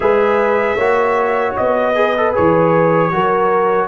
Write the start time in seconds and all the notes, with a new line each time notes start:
0.00 G#3 G#4 B4 E5
0.75 A#3 F#4 C#5
1.56 B3 D#5
1.95 G#4 B4
2.17 A4
2.34 E3 G#4 C#5
3.11 F#3 F#4 A#4